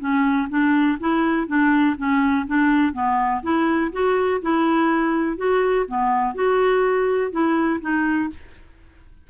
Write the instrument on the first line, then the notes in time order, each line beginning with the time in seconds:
clarinet
0.00 C#4
0.50 D4
1.00 E4
1.48 D4
1.98 C#4
2.48 D4
2.94 B3
3.43 E4
3.93 F#4
4.42 E4
5.37 F#4
5.88 B3
6.35 F#4
7.32 E4
7.82 D#4